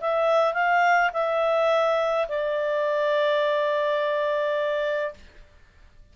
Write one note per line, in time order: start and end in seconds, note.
0.00 0.53 E5
0.53 1.10 F5
1.13 2.27 E5
2.28 5.14 D5